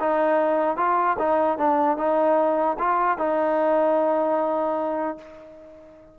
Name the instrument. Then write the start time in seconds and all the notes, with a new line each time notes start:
trombone
0.00 D#4
0.77 F4
1.19 D#4
1.58 D4
1.97 D#4
2.79 F4
3.18 D#4